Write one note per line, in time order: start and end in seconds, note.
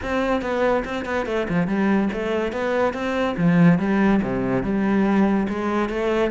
0.02 0.41 C4
0.41 0.83 B3
0.84 1.05 C4
1.05 1.26 B3
1.26 1.47 A3
1.48 1.67 F3
1.67 2.09 G3
2.13 2.52 A3
2.52 2.93 B3
2.93 3.35 C4
3.37 3.79 F3
3.79 4.21 G3
4.22 4.63 C3
4.63 5.47 G3
5.48 5.89 G#3
5.89 6.31 A3